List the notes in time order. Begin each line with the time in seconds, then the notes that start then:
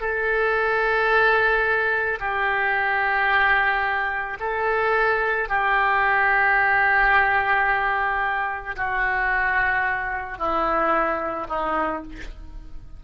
0.00 A4
2.20 G4
4.39 A4
5.48 G4
8.76 F#4
10.38 E4
11.48 D#4